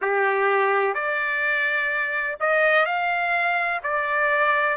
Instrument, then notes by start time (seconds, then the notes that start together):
trumpet
0.01 G4
0.94 D5
2.39 D#5
2.85 F5
3.83 D5